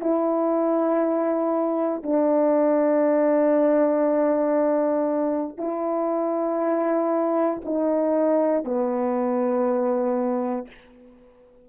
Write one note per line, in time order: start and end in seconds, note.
0.00 2.02 E4
2.02 5.57 D4
5.57 7.60 E4
7.64 8.64 D#4
8.64 10.67 B3